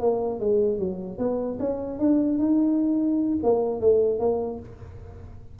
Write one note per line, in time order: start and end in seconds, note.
0.00 0.39 A#3
0.39 0.78 G#3
0.78 1.18 F#3
1.18 1.58 B3
1.59 1.99 C#4
1.99 2.38 D4
2.38 3.38 D#4
3.43 3.80 A#3
3.80 4.19 A3
4.19 4.59 A#3